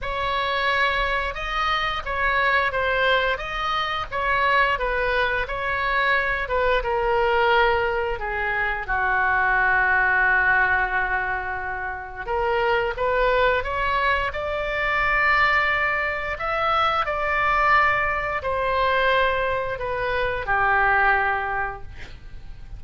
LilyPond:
\new Staff \with { instrumentName = "oboe" } { \time 4/4 \tempo 4 = 88 cis''2 dis''4 cis''4 | c''4 dis''4 cis''4 b'4 | cis''4. b'8 ais'2 | gis'4 fis'2.~ |
fis'2 ais'4 b'4 | cis''4 d''2. | e''4 d''2 c''4~ | c''4 b'4 g'2 | }